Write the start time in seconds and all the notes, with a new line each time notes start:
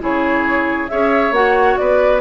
0.00 C#3 E4 G#4 C#5
0.89 C#4 G#4 C#5 E5
1.31 A#3 F#4 F#5
1.77 B3 B4 D5